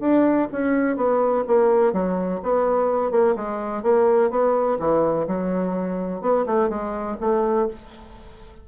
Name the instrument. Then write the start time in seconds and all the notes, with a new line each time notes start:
bassoon
0.00 D4
0.52 C#4
0.97 B3
1.47 A#3
1.93 F#3
2.43 B3
3.11 A#3
3.36 G#3
3.83 A#3
4.31 B3
4.79 E3
5.27 F#3
6.21 B3
6.46 A3
6.69 G#3
7.21 A3